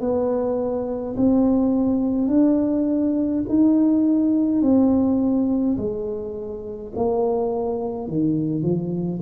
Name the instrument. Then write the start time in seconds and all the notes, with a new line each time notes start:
tuba
0.00 B3
1.16 C4
2.28 D4
3.48 D#4
4.62 C4
5.77 G#3
6.95 A#3
8.08 D#3
8.62 F3